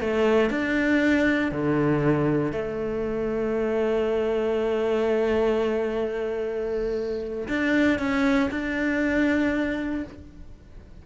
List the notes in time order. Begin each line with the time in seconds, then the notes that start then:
0.00 A3
0.50 D4
1.51 D3
2.52 A3
7.48 D4
7.98 C#4
8.51 D4